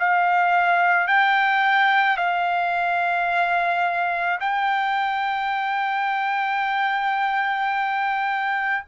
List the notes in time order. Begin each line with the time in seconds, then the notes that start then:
0.00 F5
1.08 G5
2.17 F5
4.40 G5